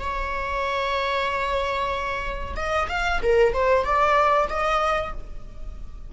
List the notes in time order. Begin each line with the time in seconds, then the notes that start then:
0.00 C#5
2.56 D#5
2.89 F5
3.23 A#4
3.53 C5
3.84 D5
4.50 D#5